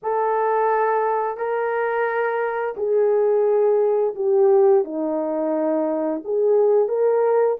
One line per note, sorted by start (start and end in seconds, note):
0.02 1.37 A4
1.37 2.75 A#4
2.76 4.14 G#4
4.15 4.84 G4
4.84 6.22 D#4
6.24 6.88 G#4
6.88 7.57 A#4